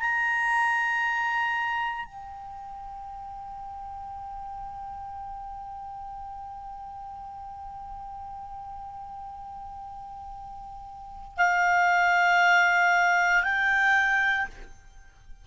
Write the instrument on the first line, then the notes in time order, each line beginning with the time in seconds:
clarinet
0.00 A#5
2.05 G5
11.37 F5
13.43 G5